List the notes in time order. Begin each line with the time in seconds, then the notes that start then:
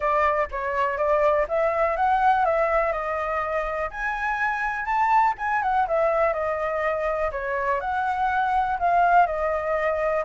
0.00 D5
0.51 C#5
0.97 D5
1.48 E5
1.96 F#5
2.45 E5
2.92 D#5
3.90 G#5
4.85 A5
5.38 G#5
5.62 F#5
5.87 E5
6.33 D#5
7.31 C#5
7.80 F#5
8.79 F5
9.26 D#5